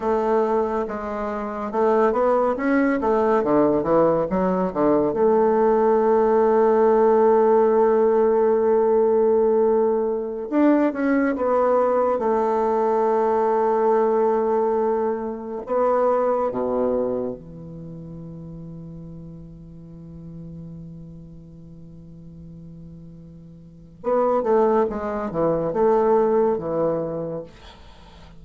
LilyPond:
\new Staff \with { instrumentName = "bassoon" } { \time 4/4 \tempo 4 = 70 a4 gis4 a8 b8 cis'8 a8 | d8 e8 fis8 d8 a2~ | a1~ | a16 d'8 cis'8 b4 a4.~ a16~ |
a2~ a16 b4 b,8.~ | b,16 e2.~ e8.~ | e1 | b8 a8 gis8 e8 a4 e4 | }